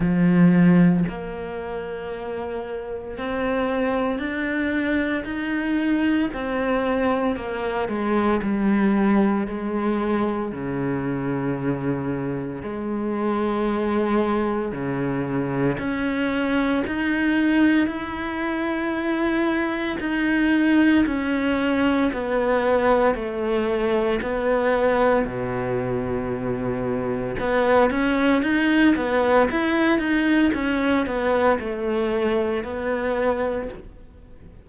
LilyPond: \new Staff \with { instrumentName = "cello" } { \time 4/4 \tempo 4 = 57 f4 ais2 c'4 | d'4 dis'4 c'4 ais8 gis8 | g4 gis4 cis2 | gis2 cis4 cis'4 |
dis'4 e'2 dis'4 | cis'4 b4 a4 b4 | b,2 b8 cis'8 dis'8 b8 | e'8 dis'8 cis'8 b8 a4 b4 | }